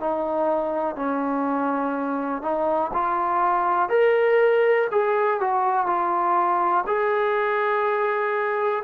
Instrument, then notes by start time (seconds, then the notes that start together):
trombone
0.00 D#4
0.95 C#4
2.42 D#4
2.93 F4
3.89 A#4
4.91 G#4
5.40 F#4
5.86 F4
6.86 G#4